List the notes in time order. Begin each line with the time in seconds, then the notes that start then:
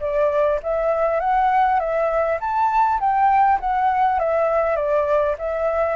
0.00 D5
0.63 E5
1.20 F#5
1.79 E5
2.40 A5
3.00 G5
3.60 F#5
4.19 E5
4.76 D5
5.38 E5